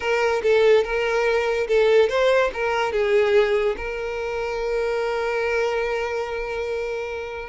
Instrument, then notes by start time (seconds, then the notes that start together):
violin
0.00 A#4
0.42 A4
0.83 A#4
1.67 A4
2.09 C5
2.53 A#4
2.92 G#4
3.77 A#4